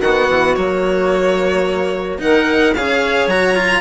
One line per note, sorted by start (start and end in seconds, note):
0.00 0.27 D#3
0.00 0.56 B3
0.00 2.20 F#4
0.00 0.55 F#5
0.29 0.56 E3
0.55 2.20 F#3
0.55 2.18 A#3
0.55 2.18 C#5
2.18 2.74 D#3
2.18 2.73 D#4
2.18 2.76 A#4
2.18 2.74 F#5
2.74 3.26 C#3
2.74 3.30 G#4
2.74 3.80 C#5
2.74 3.29 F5
3.26 3.80 F#3
3.26 3.55 F#4
3.26 3.80 A#5
3.55 3.80 F4